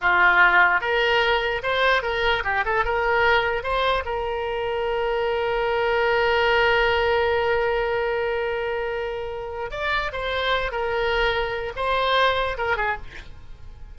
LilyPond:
\new Staff \with { instrumentName = "oboe" } { \time 4/4 \tempo 4 = 148 f'2 ais'2 | c''4 ais'4 g'8 a'8 ais'4~ | ais'4 c''4 ais'2~ | ais'1~ |
ais'1~ | ais'1 | d''4 c''4. ais'4.~ | ais'4 c''2 ais'8 gis'8 | }